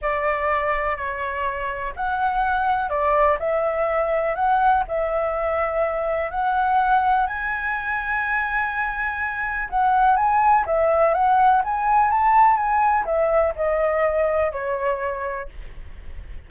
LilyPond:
\new Staff \with { instrumentName = "flute" } { \time 4/4 \tempo 4 = 124 d''2 cis''2 | fis''2 d''4 e''4~ | e''4 fis''4 e''2~ | e''4 fis''2 gis''4~ |
gis''1 | fis''4 gis''4 e''4 fis''4 | gis''4 a''4 gis''4 e''4 | dis''2 cis''2 | }